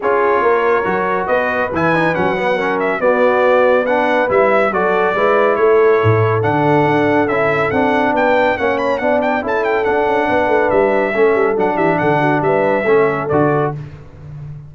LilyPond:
<<
  \new Staff \with { instrumentName = "trumpet" } { \time 4/4 \tempo 4 = 140 cis''2. dis''4 | gis''4 fis''4. e''8 d''4~ | d''4 fis''4 e''4 d''4~ | d''4 cis''2 fis''4~ |
fis''4 e''4 fis''4 g''4 | fis''8 b''8 fis''8 g''8 a''8 g''8 fis''4~ | fis''4 e''2 fis''8 e''8 | fis''4 e''2 d''4 | }
  \new Staff \with { instrumentName = "horn" } { \time 4/4 gis'4 ais'2 b'4~ | b'2 ais'4 fis'4~ | fis'4 b'2 a'4 | b'4 a'2.~ |
a'2. b'4 | cis''4 d''4 a'2 | b'2 a'4. g'8 | a'8 fis'8 b'4 a'2 | }
  \new Staff \with { instrumentName = "trombone" } { \time 4/4 f'2 fis'2 | e'8 dis'8 cis'8 b8 cis'4 b4~ | b4 d'4 e'4 fis'4 | e'2. d'4~ |
d'4 e'4 d'2 | cis'4 d'4 e'4 d'4~ | d'2 cis'4 d'4~ | d'2 cis'4 fis'4 | }
  \new Staff \with { instrumentName = "tuba" } { \time 4/4 cis'4 ais4 fis4 b4 | e4 fis2 b4~ | b2 g4 fis4 | gis4 a4 a,4 d4 |
d'4 cis'4 c'4 b4 | ais4 b4 cis'4 d'8 cis'8 | b8 a8 g4 a8 g8 fis8 e8 | d4 g4 a4 d4 | }
>>